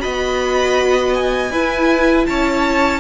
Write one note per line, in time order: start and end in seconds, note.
0.00 1.51 B3
0.00 1.50 F#4
0.00 1.52 D#5
0.00 1.13 B5
1.14 2.26 G#5
1.51 2.26 E4
1.51 3.00 E4
1.51 2.27 B4
2.26 3.00 C#4
2.26 3.00 C#5
2.26 3.00 A5